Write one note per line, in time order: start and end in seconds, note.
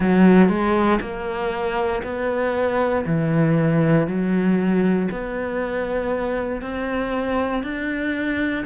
0.00 0.48 F#3
0.48 0.99 G#3
1.00 2.02 A#3
2.03 3.05 B3
3.06 4.07 E3
4.07 5.08 F#3
5.11 6.61 B3
6.61 7.63 C4
7.63 8.64 D4